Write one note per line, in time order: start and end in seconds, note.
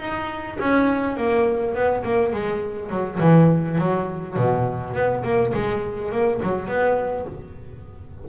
0.00 0.58 D#4
0.60 1.18 C#4
1.18 1.75 A#3
1.75 2.04 B3
2.04 2.33 A#3
2.33 2.90 G#3
2.90 3.20 F#3
3.20 3.79 E3
3.79 4.37 F#3
4.37 4.94 B2
4.94 5.23 B3
5.24 5.53 A#3
5.54 6.12 G#3
6.12 6.41 A#3
6.43 6.68 F#3
6.68 7.26 B3